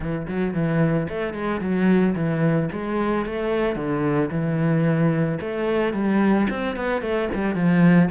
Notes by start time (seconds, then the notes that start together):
0.00 E3
0.27 F#3
0.53 E3
1.08 A3
1.33 G#3
1.60 F#3
2.15 E3
2.72 G#3
3.25 A3
3.75 D3
4.30 E3
5.41 A3
5.93 G3
6.50 C4
6.76 B3
7.01 A3
7.34 G3
7.54 F3